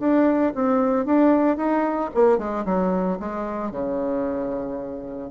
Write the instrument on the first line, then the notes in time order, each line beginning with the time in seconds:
bassoon
0.00 D4
0.55 C4
1.06 D4
1.57 D#4
2.15 A#3
2.38 G#3
2.65 F#3
3.20 G#3
3.71 C#3